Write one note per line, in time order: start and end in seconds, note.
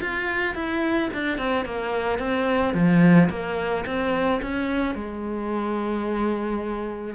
0.00 0.55 F4
0.55 1.10 E4
1.13 1.38 D4
1.38 1.65 C4
1.65 2.19 A#3
2.19 2.74 C4
2.74 3.29 F3
3.30 3.85 A#3
3.86 4.41 C4
4.42 4.95 C#4
4.95 7.15 G#3